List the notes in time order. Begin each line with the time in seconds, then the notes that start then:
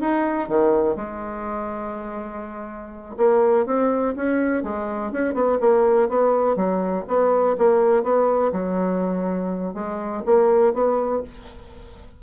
0.00 D#4
0.48 D#3
0.96 G#3
3.17 A#3
3.66 C4
4.16 C#4
4.63 G#3
5.12 C#4
5.33 B3
5.60 A#3
6.09 B3
6.56 F#3
7.07 B3
7.58 A#3
8.03 B3
8.52 F#3
9.74 G#3
10.25 A#3
10.73 B3